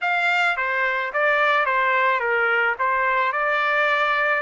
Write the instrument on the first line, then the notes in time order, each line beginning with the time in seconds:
trumpet
0.01 F5
0.57 C5
1.13 D5
1.65 C5
2.20 A#4
2.79 C5
3.32 D5